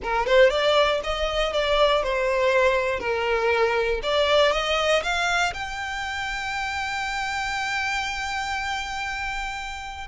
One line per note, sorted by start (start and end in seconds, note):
0.02 0.26 A#4
0.26 0.50 C5
0.50 1.00 D5
1.03 1.52 D#5
1.52 2.03 D5
2.03 2.99 C5
2.99 4.00 A#4
4.02 4.51 D5
4.51 5.02 D#5
5.02 5.53 F5
5.53 10.07 G5